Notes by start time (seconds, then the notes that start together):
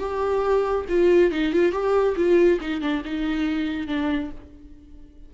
0.00 G4
0.89 F4
1.32 D#4
1.53 F4
1.73 G4
2.17 F4
2.61 D#4
2.81 D4
3.05 D#4
3.88 D4